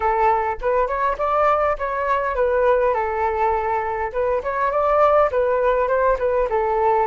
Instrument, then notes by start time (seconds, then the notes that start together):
flute
0.00 A4
0.61 B4
0.87 C#5
1.17 D5
1.78 C#5
2.35 B4
2.94 A4
4.12 B4
4.43 C#5
4.71 D5
5.31 B4
5.87 C5
6.18 B4
6.49 A4